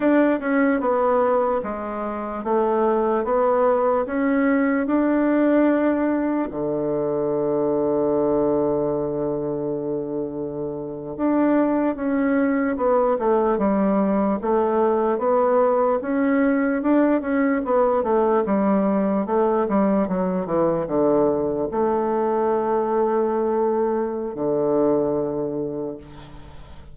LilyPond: \new Staff \with { instrumentName = "bassoon" } { \time 4/4 \tempo 4 = 74 d'8 cis'8 b4 gis4 a4 | b4 cis'4 d'2 | d1~ | d4.~ d16 d'4 cis'4 b16~ |
b16 a8 g4 a4 b4 cis'16~ | cis'8. d'8 cis'8 b8 a8 g4 a16~ | a16 g8 fis8 e8 d4 a4~ a16~ | a2 d2 | }